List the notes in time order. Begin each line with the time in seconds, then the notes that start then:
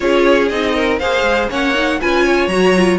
0.00 C#4 F4 G#4 C#5
0.48 C4 D#4 D#5
0.75 A#4
0.99 A#3 G#4 C5 F5
1.22 G#3
1.49 A#3 C#4 C#5 F#5
1.74 D#4
2.00 C#4 F4 B4 G#5
2.24 C#5
2.47 F#3 F#4 A#5
2.76 F4